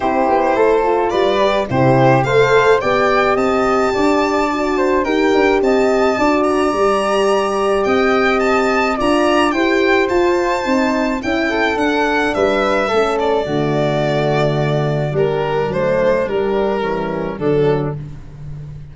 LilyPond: <<
  \new Staff \with { instrumentName = "violin" } { \time 4/4 \tempo 4 = 107 c''2 d''4 c''4 | f''4 g''4 a''2~ | a''4 g''4 a''4. ais''8~ | ais''2 g''4 a''4 |
ais''4 g''4 a''2 | g''4 fis''4 e''4. d''8~ | d''2. ais'4 | c''4 ais'2 a'4 | }
  \new Staff \with { instrumentName = "flute" } { \time 4/4 g'4 a'4 b'4 g'4 | c''4 d''4 dis''4 d''4~ | d''8 c''8 ais'4 dis''4 d''4~ | d''2 dis''2 |
d''4 c''2. | e'8 a'4. b'4 a'4 | fis'2. d'4~ | d'2 cis'4 d'4 | }
  \new Staff \with { instrumentName = "horn" } { \time 4/4 e'4. f'4 g'8 e'4 | a'4 g'2. | fis'4 g'2 fis'4 | g'1 |
f'4 g'4 f'4 dis'4 | e'4 d'2 cis'4 | a2. g4 | a4 g4 e4 fis4 | }
  \new Staff \with { instrumentName = "tuba" } { \time 4/4 c'8 b8 a4 g4 c4 | a4 b4 c'4 d'4~ | d'4 dis'8 d'8 c'4 d'4 | g2 c'2 |
d'4 e'4 f'4 c'4 | cis'4 d'4 g4 a4 | d2. g4 | fis4 g2 d4 | }
>>